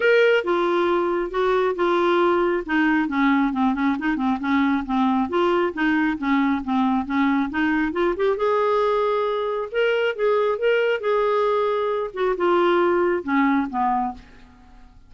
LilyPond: \new Staff \with { instrumentName = "clarinet" } { \time 4/4 \tempo 4 = 136 ais'4 f'2 fis'4 | f'2 dis'4 cis'4 | c'8 cis'8 dis'8 c'8 cis'4 c'4 | f'4 dis'4 cis'4 c'4 |
cis'4 dis'4 f'8 g'8 gis'4~ | gis'2 ais'4 gis'4 | ais'4 gis'2~ gis'8 fis'8 | f'2 cis'4 b4 | }